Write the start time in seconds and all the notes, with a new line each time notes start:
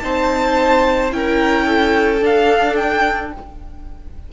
0.00 C4 D#4 C5 A5
1.11 C#4 E4 A#4 G5
1.66 A4
2.21 D4 F5
2.76 G5